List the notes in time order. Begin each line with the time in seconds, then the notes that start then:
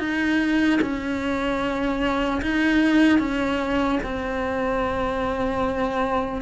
0.00 D#4
0.82 C#4
2.42 D#4
3.20 C#4
4.04 C4